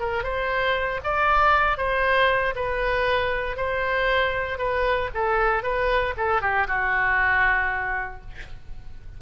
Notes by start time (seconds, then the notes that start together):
0.00 A#4
0.23 C5
1.04 D5
1.77 C5
2.55 B4
3.56 C5
4.59 B4
5.14 A4
5.63 B4
6.17 A4
6.41 G4
6.67 F#4